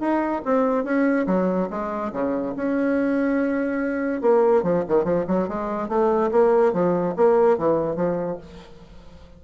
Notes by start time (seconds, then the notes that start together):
0.00 D#4
0.45 C4
0.84 C#4
1.27 F#3
1.70 G#3
2.13 C#3
2.56 C#4
4.21 A#3
4.63 F3
4.88 D#3
5.04 F3
5.28 F#3
5.49 G#3
5.89 A3
6.32 A#3
6.73 F3
7.17 A#3
7.58 E3
7.96 F3